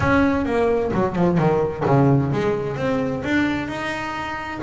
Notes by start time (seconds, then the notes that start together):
0.00 C#4
0.45 A#3
0.93 F#3
1.15 F3
1.38 D#3
1.85 C#3
2.32 G#3
2.76 C4
3.24 D4
3.68 D#4